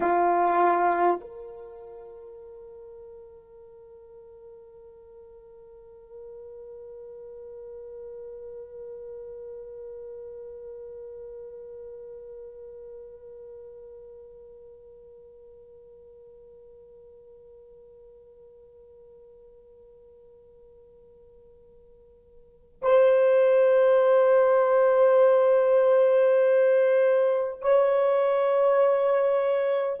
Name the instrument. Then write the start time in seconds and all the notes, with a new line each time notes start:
horn
0.00 F4
1.20 A#4
22.82 C5
27.61 C#5